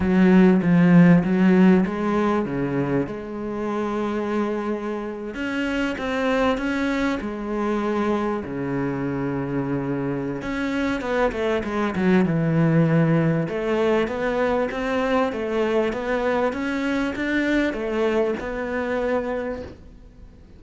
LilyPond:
\new Staff \with { instrumentName = "cello" } { \time 4/4 \tempo 4 = 98 fis4 f4 fis4 gis4 | cis4 gis2.~ | gis8. cis'4 c'4 cis'4 gis16~ | gis4.~ gis16 cis2~ cis16~ |
cis4 cis'4 b8 a8 gis8 fis8 | e2 a4 b4 | c'4 a4 b4 cis'4 | d'4 a4 b2 | }